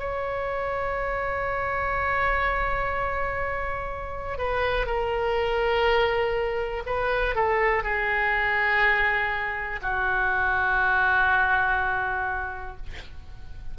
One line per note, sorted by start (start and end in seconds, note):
0.00 4.39 C#5
4.39 4.87 B4
4.87 6.84 A#4
6.86 7.35 B4
7.35 7.84 A4
7.84 9.80 G#4
9.82 12.77 F#4